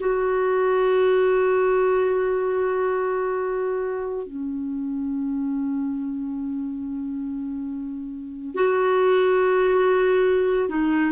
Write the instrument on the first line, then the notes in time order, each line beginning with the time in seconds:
clarinet
0.00 F#4
4.27 C#4
8.55 F#4
10.69 D#4